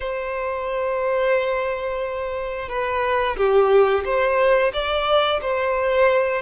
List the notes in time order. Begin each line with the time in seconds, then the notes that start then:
0.00 C5
2.68 B4
3.36 G4
4.04 C5
4.73 D5
5.41 C5